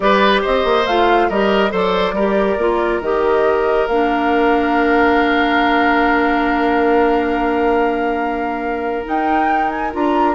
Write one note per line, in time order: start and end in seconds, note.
0.00 0.43 G3
0.00 0.84 G4
0.00 0.41 B4
0.00 0.42 D5
0.41 0.64 C4
0.41 1.28 C5
0.41 0.86 D#5
0.64 0.86 A#3
0.86 1.29 A3
0.86 1.31 F4
0.86 1.29 F5
1.29 1.72 G3
1.29 1.70 G4
1.29 1.71 A#4
1.29 1.72 D#5
1.70 2.13 F#3
1.70 2.13 A4
1.70 2.14 C5
1.70 3.01 D5
2.13 2.56 G3
2.13 2.59 G4
2.13 10.35 A#4
2.57 3.00 A#3
2.57 3.02 F4
3.00 3.86 D#3
3.00 3.89 G4
3.00 3.87 D#5
3.87 9.05 A#3
3.87 9.05 D4
3.87 9.05 F5
9.05 9.91 D#4
9.05 9.93 D#4
9.05 9.69 G5
9.69 9.91 G#5
9.92 10.35 D4
9.92 10.35 F4
9.92 10.35 A#5